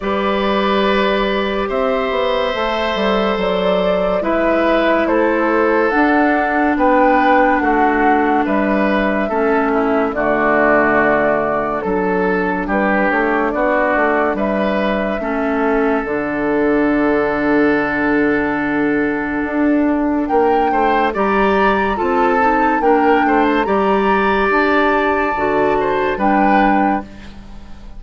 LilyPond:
<<
  \new Staff \with { instrumentName = "flute" } { \time 4/4 \tempo 4 = 71 d''2 e''2 | d''4 e''4 c''4 fis''4 | g''4 fis''4 e''2 | d''2 a'4 b'8 cis''8 |
d''4 e''2 fis''4~ | fis''1 | g''4 ais''4 a''4 g''8. a''16 | ais''4 a''2 g''4 | }
  \new Staff \with { instrumentName = "oboe" } { \time 4/4 b'2 c''2~ | c''4 b'4 a'2 | b'4 fis'4 b'4 a'8 e'8 | fis'2 a'4 g'4 |
fis'4 b'4 a'2~ | a'1 | ais'8 c''8 d''4 a'4 ais'8 c''8 | d''2~ d''8 c''8 b'4 | }
  \new Staff \with { instrumentName = "clarinet" } { \time 4/4 g'2. a'4~ | a'4 e'2 d'4~ | d'2. cis'4 | a2 d'2~ |
d'2 cis'4 d'4~ | d'1~ | d'4 g'4 f'8 dis'8 d'4 | g'2 fis'4 d'4 | }
  \new Staff \with { instrumentName = "bassoon" } { \time 4/4 g2 c'8 b8 a8 g8 | fis4 gis4 a4 d'4 | b4 a4 g4 a4 | d2 fis4 g8 a8 |
b8 a8 g4 a4 d4~ | d2. d'4 | ais8 a8 g4 c'4 ais8 a8 | g4 d'4 d4 g4 | }
>>